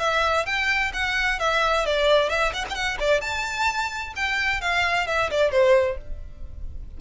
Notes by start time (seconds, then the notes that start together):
0.00 E5
0.46 G5
0.94 F#5
1.40 E5
1.87 D5
2.30 E5
2.54 F#5
2.70 F#5 G5
3.00 D5
3.22 A5
4.16 G5
4.62 F5
5.08 E5
5.31 D5
5.52 C5